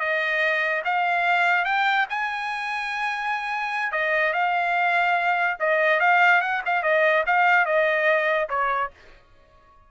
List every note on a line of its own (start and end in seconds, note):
0.00 0.83 D#5
0.85 1.65 F5
1.65 2.07 G5
2.10 3.92 G#5
3.92 4.34 D#5
4.34 5.58 F5
5.60 6.00 D#5
6.00 6.42 F5
6.42 6.62 F#5
6.66 6.83 F5
6.83 7.24 D#5
7.26 7.66 F5
7.66 8.49 D#5
8.49 8.91 C#5